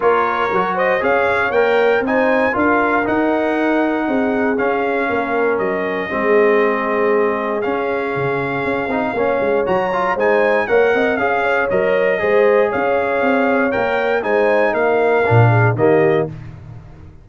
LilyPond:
<<
  \new Staff \with { instrumentName = "trumpet" } { \time 4/4 \tempo 4 = 118 cis''4. dis''8 f''4 g''4 | gis''4 f''4 fis''2~ | fis''4 f''2 dis''4~ | dis''2. f''4~ |
f''2. ais''4 | gis''4 fis''4 f''4 dis''4~ | dis''4 f''2 g''4 | gis''4 f''2 dis''4 | }
  \new Staff \with { instrumentName = "horn" } { \time 4/4 ais'4. c''8 cis''2 | c''4 ais'2. | gis'2 ais'2 | gis'1~ |
gis'2 cis''2 | c''4 cis''8 dis''8 f''8 cis''4. | c''4 cis''2. | c''4 ais'4. gis'8 g'4 | }
  \new Staff \with { instrumentName = "trombone" } { \time 4/4 f'4 fis'4 gis'4 ais'4 | dis'4 f'4 dis'2~ | dis'4 cis'2. | c'2. cis'4~ |
cis'4. dis'8 cis'4 fis'8 f'8 | dis'4 ais'4 gis'4 ais'4 | gis'2. ais'4 | dis'2 d'4 ais4 | }
  \new Staff \with { instrumentName = "tuba" } { \time 4/4 ais4 fis4 cis'4 ais4 | c'4 d'4 dis'2 | c'4 cis'4 ais4 fis4 | gis2. cis'4 |
cis4 cis'8 c'8 ais8 gis8 fis4 | gis4 ais8 c'8 cis'4 fis4 | gis4 cis'4 c'4 ais4 | gis4 ais4 ais,4 dis4 | }
>>